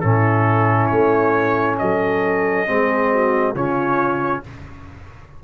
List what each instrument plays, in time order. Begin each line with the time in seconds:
0.00 tuba A2, trombone C#4, horn E4, trumpet A4
0.87 tuba A3, trumpet C#5
1.78 tuba F#3, horn A4, trumpet D#5
2.67 tuba G#3, trombone C4, horn G#4
3.12 horn F#4
3.54 tuba C#3, trombone C#4, horn F4, trumpet C#5